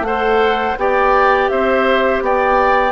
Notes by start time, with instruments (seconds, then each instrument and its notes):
0.00 bassoon A3, clarinet A4, flute F#5
0.06 oboe C5
0.77 bassoon B3, clarinet G4, oboe D5, flute G5
1.48 bassoon C4, oboe C5, flute E5
2.21 bassoon B3, oboe D5, flute G5